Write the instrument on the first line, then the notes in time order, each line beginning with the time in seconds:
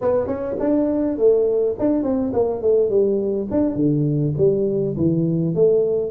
tuba
0.01 B3
0.26 C#4
0.59 D4
1.17 A3
1.78 D4
2.03 C4
2.33 A#3
2.61 A3
2.89 G3
3.50 D4
3.75 D3
4.37 G3
4.96 E3
5.54 A3